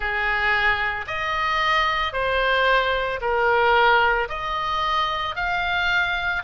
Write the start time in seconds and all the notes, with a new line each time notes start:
0.00 G#4
1.07 D#5
2.12 C5
3.21 A#4
4.29 D#5
5.35 F5